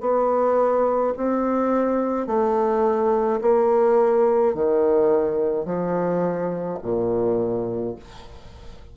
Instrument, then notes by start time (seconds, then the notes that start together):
bassoon
0.00 B3
1.17 C4
2.27 A3
3.41 A#3
4.54 D#3
5.66 F3
6.82 A#2